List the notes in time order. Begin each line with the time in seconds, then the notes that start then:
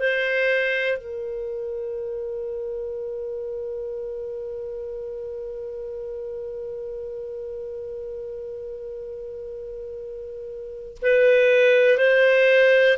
0.00 C5
0.98 A#4
11.02 B4
11.98 C5